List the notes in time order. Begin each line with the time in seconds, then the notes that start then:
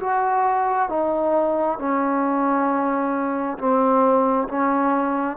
0.00 F#4
0.89 D#4
1.79 C#4
3.58 C4
4.48 C#4